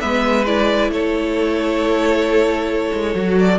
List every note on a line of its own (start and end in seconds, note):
0.00 0.90 G#3
0.00 0.45 B3
0.00 0.91 B4
0.00 0.45 E5
0.46 3.14 E4
0.46 0.91 D5
0.90 2.92 A3
0.90 3.59 A4
0.90 3.39 C#5
2.93 3.15 G#3
3.14 3.59 F#3
3.14 3.59 F#4
3.39 3.59 D5